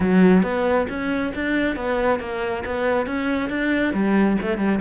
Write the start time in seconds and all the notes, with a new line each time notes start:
0.00 F#3
0.43 B3
0.89 C#4
1.34 D4
1.76 B3
2.19 A#3
2.65 B3
3.06 C#4
3.49 D4
3.93 G3
4.41 A3
4.57 G3